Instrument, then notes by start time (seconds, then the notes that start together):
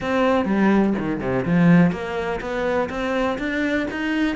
cello
0.00 C4
0.45 G3
0.98 D#3
1.20 C3
1.45 F3
1.91 A#3
2.40 B3
2.89 C4
3.38 D4
3.90 D#4